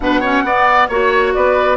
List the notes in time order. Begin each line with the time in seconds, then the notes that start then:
0.00 B2 D4 B4 F#5
0.20 C#4 C#5
0.43 B3 D5
0.87 A#3 F#4 C#5
1.33 B3 B4 D5